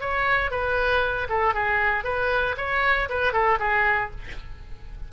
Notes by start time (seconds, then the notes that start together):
0.00 C#5
0.50 B4
1.29 A4
1.54 G#4
2.04 B4
2.57 C#5
3.09 B4
3.32 A4
3.59 G#4